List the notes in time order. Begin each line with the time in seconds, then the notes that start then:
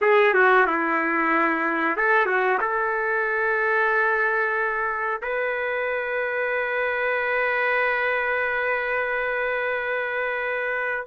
0.01 G#4
0.34 F#4
0.66 E4
1.96 A4
2.25 F#4
2.60 A4
5.21 B4